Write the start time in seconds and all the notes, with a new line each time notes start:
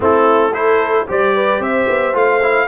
0.00 A3 C4 E4 A4
0.52 E4 A4 C5
1.07 G3 G4 C5 D5
1.35 B4
1.59 C4 C5 E5
1.88 B3
2.13 A3 F4 F5
2.42 E4